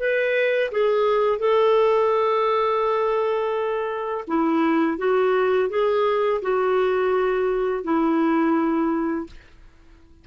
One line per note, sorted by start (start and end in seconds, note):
0.00 0.71 B4
0.72 1.39 G#4
1.39 4.25 A4
4.28 4.98 E4
4.98 5.70 F#4
5.70 6.41 G#4
6.42 7.84 F#4
7.84 9.27 E4